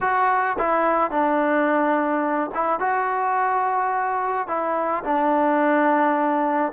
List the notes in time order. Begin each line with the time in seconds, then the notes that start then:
0.00 F#4
0.58 E4
1.10 D4
2.54 E4
2.79 F#4
4.47 E4
5.04 D4